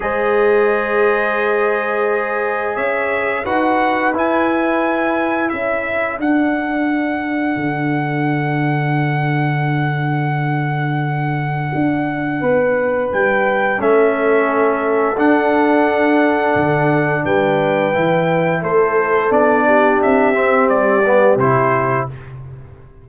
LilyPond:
<<
  \new Staff \with { instrumentName = "trumpet" } { \time 4/4 \tempo 4 = 87 dis''1 | e''4 fis''4 gis''2 | e''4 fis''2.~ | fis''1~ |
fis''2. g''4 | e''2 fis''2~ | fis''4 g''2 c''4 | d''4 e''4 d''4 c''4 | }
  \new Staff \with { instrumentName = "horn" } { \time 4/4 c''1 | cis''4 b'2. | a'1~ | a'1~ |
a'2 b'2 | a'1~ | a'4 b'2 a'4~ | a'8 g'2.~ g'8 | }
  \new Staff \with { instrumentName = "trombone" } { \time 4/4 gis'1~ | gis'4 fis'4 e'2~ | e'4 d'2.~ | d'1~ |
d'1 | cis'2 d'2~ | d'2 e'2 | d'4. c'4 b8 e'4 | }
  \new Staff \with { instrumentName = "tuba" } { \time 4/4 gis1 | cis'4 dis'4 e'2 | cis'4 d'2 d4~ | d1~ |
d4 d'4 b4 g4 | a2 d'2 | d4 g4 e4 a4 | b4 c'4 g4 c4 | }
>>